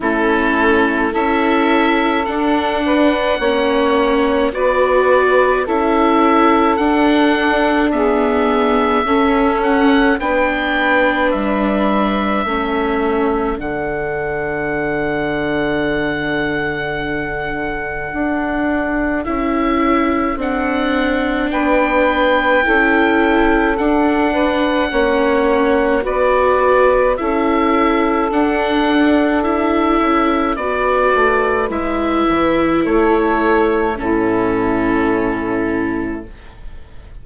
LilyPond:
<<
  \new Staff \with { instrumentName = "oboe" } { \time 4/4 \tempo 4 = 53 a'4 e''4 fis''2 | d''4 e''4 fis''4 e''4~ | e''8 fis''8 g''4 e''2 | fis''1~ |
fis''4 e''4 fis''4 g''4~ | g''4 fis''2 d''4 | e''4 fis''4 e''4 d''4 | e''4 cis''4 a'2 | }
  \new Staff \with { instrumentName = "saxophone" } { \time 4/4 e'4 a'4. b'8 cis''4 | b'4 a'2 gis'4 | a'4 b'2 a'4~ | a'1~ |
a'2. b'4 | a'4. b'8 cis''4 b'4 | a'2. b'4~ | b'4 a'4 e'2 | }
  \new Staff \with { instrumentName = "viola" } { \time 4/4 cis'4 e'4 d'4 cis'4 | fis'4 e'4 d'4 b4 | cis'4 d'2 cis'4 | d'1~ |
d'4 e'4 d'2 | e'4 d'4 cis'4 fis'4 | e'4 d'4 e'4 fis'4 | e'2 cis'2 | }
  \new Staff \with { instrumentName = "bassoon" } { \time 4/4 a4 cis'4 d'4 ais4 | b4 cis'4 d'2 | cis'4 b4 g4 a4 | d1 |
d'4 cis'4 c'4 b4 | cis'4 d'4 ais4 b4 | cis'4 d'4. cis'8 b8 a8 | gis8 e8 a4 a,2 | }
>>